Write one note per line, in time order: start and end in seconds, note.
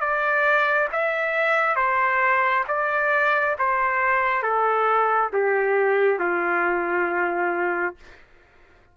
0.00 0.88 D5
0.92 1.76 E5
1.76 2.64 C5
2.68 3.56 D5
3.59 4.42 C5
4.42 5.31 A4
5.33 6.19 G4
6.19 7.96 F4